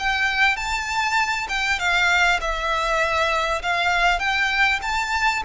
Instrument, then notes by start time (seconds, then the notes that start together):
violin
0.00 G5
0.57 A5
1.49 G5
1.80 F5
2.41 E5
3.63 F5
4.20 G5
4.83 A5